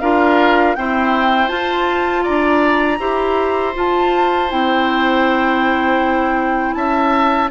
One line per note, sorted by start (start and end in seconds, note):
0.00 0.76 D4
0.00 0.77 F4
0.00 0.77 A#4
0.00 0.75 F5
0.75 1.48 C4
0.75 1.51 E4
0.75 2.24 C5
0.75 1.49 G5
1.48 2.98 F4
1.48 2.26 F4
1.48 2.24 A5
2.24 3.00 D4
2.24 2.99 D5
2.24 3.74 A#5
3.00 3.75 E4
3.00 3.74 G4
3.00 6.75 C5
3.74 4.49 F4
3.74 4.52 F4
3.74 4.52 A5
4.50 6.75 C4
4.50 7.50 E4
4.50 6.74 G5
6.74 7.50 C#4
6.74 7.51 E5
6.74 7.49 A5